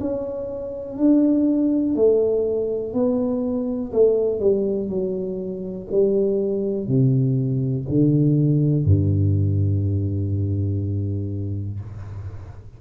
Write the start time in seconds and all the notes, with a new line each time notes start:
0.00 C#4
0.97 D4
1.95 A3
2.93 B3
3.92 A3
4.39 G3
4.89 F#3
5.91 G3
6.87 C3
7.88 D3
8.84 G2